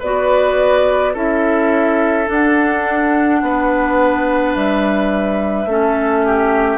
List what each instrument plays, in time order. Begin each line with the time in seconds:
0.00 bassoon B3, clarinet F#4, oboe B4, flute D5
1.14 bassoon C#4, clarinet E4, oboe A4, flute E5
2.26 clarinet D4, bassoon D4, flute F#5
3.42 bassoon B3, oboe B4
4.54 bassoon G3, flute E5
5.66 bassoon A3, clarinet C#4, oboe A4
6.25 oboe G4